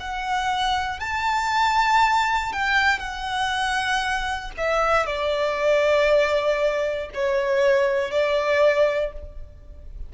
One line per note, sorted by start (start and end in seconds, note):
0.00 1.00 F#5
1.00 2.53 A5
2.53 2.99 G5
2.99 4.52 F#5
4.58 5.07 E5
5.07 7.10 D5
7.15 8.11 C#5
8.11 9.13 D5